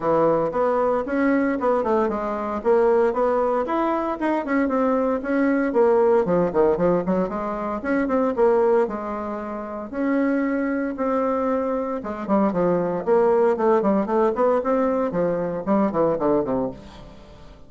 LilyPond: \new Staff \with { instrumentName = "bassoon" } { \time 4/4 \tempo 4 = 115 e4 b4 cis'4 b8 a8 | gis4 ais4 b4 e'4 | dis'8 cis'8 c'4 cis'4 ais4 | f8 dis8 f8 fis8 gis4 cis'8 c'8 |
ais4 gis2 cis'4~ | cis'4 c'2 gis8 g8 | f4 ais4 a8 g8 a8 b8 | c'4 f4 g8 e8 d8 c8 | }